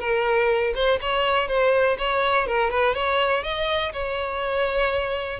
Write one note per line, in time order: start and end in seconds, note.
0.00 0.74 A#4
0.75 1.00 C5
1.01 1.48 C#5
1.48 1.97 C5
1.99 2.47 C#5
2.47 2.71 A#4
2.71 2.95 B4
2.95 3.43 C#5
3.43 3.93 D#5
3.93 5.40 C#5